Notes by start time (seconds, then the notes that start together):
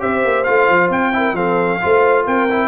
0.00 C4 G4 C5 E5
0.25 A#3
0.44 A3 F4 F5
0.69 F3
0.90 C4 G5
1.13 E4 A#4
1.33 F3 C4 A4 F5
1.82 A3 F4 C5
2.25 C4 A#4 G5
2.50 E4